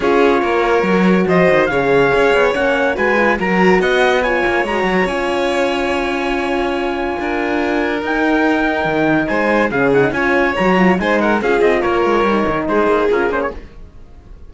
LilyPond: <<
  \new Staff \with { instrumentName = "trumpet" } { \time 4/4 \tempo 4 = 142 cis''2. dis''4 | f''2 fis''4 gis''4 | ais''4 fis''4 gis''4 ais''4 | gis''1~ |
gis''2. g''4~ | g''2 gis''4 f''8 fis''8 | gis''4 ais''4 gis''8 fis''8 f''8 dis''8 | cis''2 c''4 ais'8 c''16 cis''16 | }
  \new Staff \with { instrumentName = "violin" } { \time 4/4 gis'4 ais'2 c''4 | cis''2. b'4 | ais'4 dis''4 cis''2~ | cis''1~ |
cis''4 ais'2.~ | ais'2 c''4 gis'4 | cis''2 c''8 ais'8 gis'4 | ais'2 gis'2 | }
  \new Staff \with { instrumentName = "horn" } { \time 4/4 f'2 fis'2 | gis'2 cis'4 fis'8 f'8 | fis'2 f'4 fis'4 | f'1~ |
f'2. dis'4~ | dis'2. cis'8 dis'8 | f'4 fis'8 f'8 dis'4 f'4~ | f'4 dis'2 f'8 cis'8 | }
  \new Staff \with { instrumentName = "cello" } { \time 4/4 cis'4 ais4 fis4 f8 dis8 | cis4 cis'8 b8 ais4 gis4 | fis4 b4. ais8 gis8 fis8 | cis'1~ |
cis'4 d'2 dis'4~ | dis'4 dis4 gis4 cis4 | cis'4 fis4 gis4 cis'8 c'8 | ais8 gis8 g8 dis8 gis8 ais8 cis'8 ais8 | }
>>